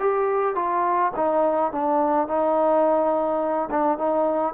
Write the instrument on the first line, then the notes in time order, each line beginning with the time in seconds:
trombone
0.00 G4
0.56 F4
1.17 D#4
1.72 D4
2.28 D#4
3.70 D4
3.98 D#4